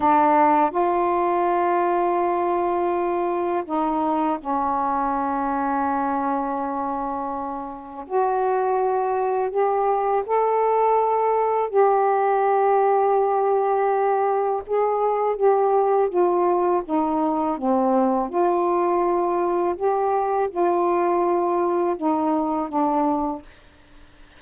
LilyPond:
\new Staff \with { instrumentName = "saxophone" } { \time 4/4 \tempo 4 = 82 d'4 f'2.~ | f'4 dis'4 cis'2~ | cis'2. fis'4~ | fis'4 g'4 a'2 |
g'1 | gis'4 g'4 f'4 dis'4 | c'4 f'2 g'4 | f'2 dis'4 d'4 | }